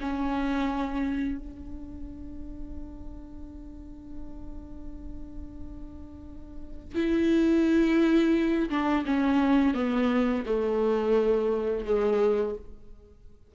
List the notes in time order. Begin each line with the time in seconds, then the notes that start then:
0.00 C#4
1.38 D4
6.95 E4
8.70 D4
9.05 C#4
9.74 B3
10.45 A3
11.85 G#3